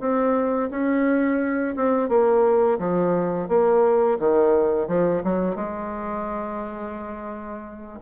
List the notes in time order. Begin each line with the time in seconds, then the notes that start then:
0.00 C4
0.70 C#4
1.76 C4
2.09 A#3
2.79 F3
3.49 A#3
4.19 D#3
4.88 F3
5.24 F#3
5.56 G#3